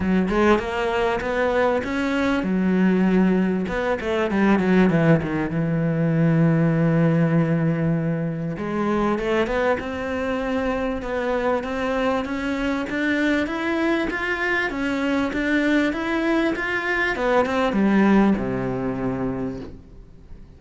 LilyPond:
\new Staff \with { instrumentName = "cello" } { \time 4/4 \tempo 4 = 98 fis8 gis8 ais4 b4 cis'4 | fis2 b8 a8 g8 fis8 | e8 dis8 e2.~ | e2 gis4 a8 b8 |
c'2 b4 c'4 | cis'4 d'4 e'4 f'4 | cis'4 d'4 e'4 f'4 | b8 c'8 g4 c2 | }